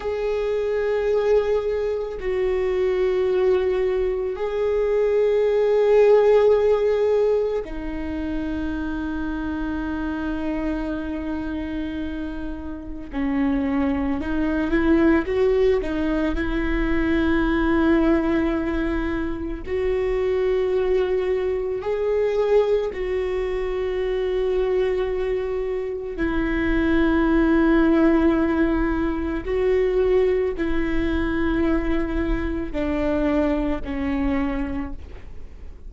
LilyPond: \new Staff \with { instrumentName = "viola" } { \time 4/4 \tempo 4 = 55 gis'2 fis'2 | gis'2. dis'4~ | dis'1 | cis'4 dis'8 e'8 fis'8 dis'8 e'4~ |
e'2 fis'2 | gis'4 fis'2. | e'2. fis'4 | e'2 d'4 cis'4 | }